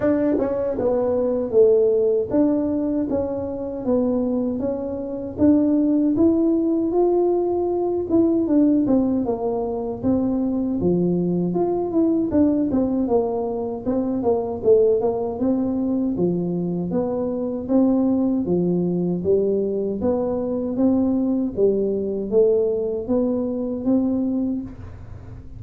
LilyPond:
\new Staff \with { instrumentName = "tuba" } { \time 4/4 \tempo 4 = 78 d'8 cis'8 b4 a4 d'4 | cis'4 b4 cis'4 d'4 | e'4 f'4. e'8 d'8 c'8 | ais4 c'4 f4 f'8 e'8 |
d'8 c'8 ais4 c'8 ais8 a8 ais8 | c'4 f4 b4 c'4 | f4 g4 b4 c'4 | g4 a4 b4 c'4 | }